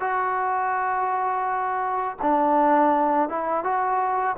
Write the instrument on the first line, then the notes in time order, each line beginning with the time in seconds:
trombone
0.00 F#4
2.21 D4
3.29 E4
3.64 F#4